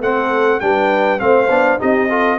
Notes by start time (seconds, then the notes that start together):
0.00 A3 C4 A4 F#5
0.60 G3 D4 B4 G5
1.19 A3 C4 C5 F5
1.50 B3 D4
1.79 C4 D#4 G4 D#5
2.09 F4 A4